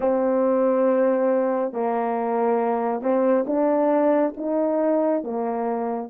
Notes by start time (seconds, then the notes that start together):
0.00 C4
1.72 A#3
3.01 C4
3.47 D4
4.36 D#4
5.23 A#3